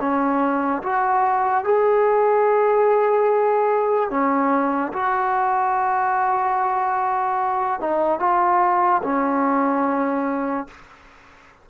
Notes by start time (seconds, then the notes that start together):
0.00 C#4
0.83 F#4
1.64 G#4
4.10 C#4
4.92 F#4
7.80 D#4
8.19 F4
9.03 C#4